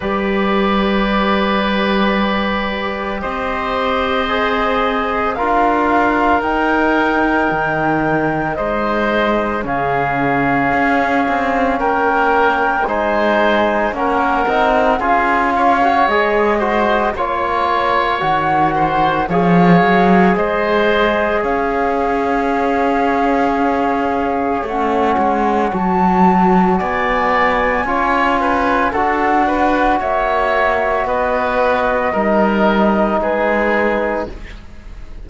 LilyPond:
<<
  \new Staff \with { instrumentName = "flute" } { \time 4/4 \tempo 4 = 56 d''2. dis''4~ | dis''4 f''4 g''2 | dis''4 f''2 g''4 | gis''4 fis''4 f''4 dis''4 |
cis''4 fis''4 f''4 dis''4 | f''2. fis''4 | a''4 gis''2 fis''4 | e''4 dis''2 b'4 | }
  \new Staff \with { instrumentName = "oboe" } { \time 4/4 b'2. c''4~ | c''4 ais'2. | c''4 gis'2 ais'4 | c''4 ais'4 gis'8 cis''4 c''8 |
cis''4. c''8 cis''4 c''4 | cis''1~ | cis''4 d''4 cis''8 b'8 a'8 b'8 | cis''4 b'4 ais'4 gis'4 | }
  \new Staff \with { instrumentName = "trombone" } { \time 4/4 g'1 | gis'4 f'4 dis'2~ | dis'4 cis'2. | dis'4 cis'8 dis'8 f'8. fis'16 gis'8 fis'8 |
f'4 fis'4 gis'2~ | gis'2. cis'4 | fis'2 f'4 fis'4~ | fis'2 dis'2 | }
  \new Staff \with { instrumentName = "cello" } { \time 4/4 g2. c'4~ | c'4 d'4 dis'4 dis4 | gis4 cis4 cis'8 c'8 ais4 | gis4 ais8 c'8 cis'4 gis4 |
ais4 dis4 f8 fis8 gis4 | cis'2. a8 gis8 | fis4 b4 cis'4 d'4 | ais4 b4 g4 gis4 | }
>>